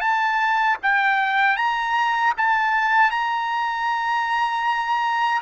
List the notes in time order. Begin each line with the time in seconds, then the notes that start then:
0.00 A5
0.82 G5
1.57 A#5
2.37 A5
3.10 A#5